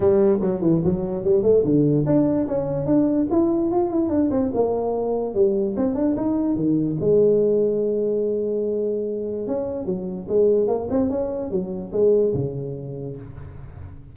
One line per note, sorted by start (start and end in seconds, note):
0.00 0.39 G3
0.40 0.61 F#3
0.61 0.81 E3
0.84 1.24 F#3
1.24 1.42 G3
1.42 1.63 A3
1.64 2.05 D3
2.06 2.47 D4
2.47 2.86 C#4
2.86 3.27 D4
3.31 3.71 E4
3.71 3.90 F4
3.90 4.09 E4
4.09 4.29 D4
4.30 4.51 C4
4.53 5.34 A#3
5.34 5.75 G3
5.76 5.94 C4
5.94 6.15 D4
6.16 6.55 D#4
6.55 6.96 D#3
7.00 9.47 G#3
9.47 9.85 C#4
9.85 10.26 F#3
10.28 10.67 G#3
10.67 10.88 A#3
10.89 11.09 C4
11.09 11.50 C#4
11.50 11.92 F#3
11.92 12.33 G#3
12.34 13.16 C#3